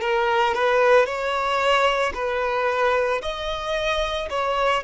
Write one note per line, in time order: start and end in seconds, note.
0.00 0.54 A#4
0.54 1.05 B4
1.05 2.12 C#5
2.14 3.21 B4
3.21 4.29 D#5
4.30 4.83 C#5